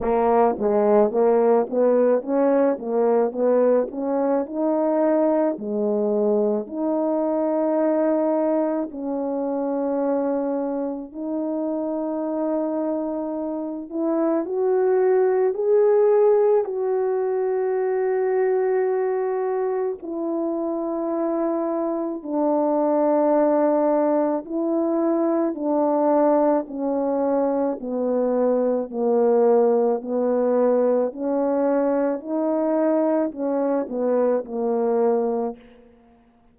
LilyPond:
\new Staff \with { instrumentName = "horn" } { \time 4/4 \tempo 4 = 54 ais8 gis8 ais8 b8 cis'8 ais8 b8 cis'8 | dis'4 gis4 dis'2 | cis'2 dis'2~ | dis'8 e'8 fis'4 gis'4 fis'4~ |
fis'2 e'2 | d'2 e'4 d'4 | cis'4 b4 ais4 b4 | cis'4 dis'4 cis'8 b8 ais4 | }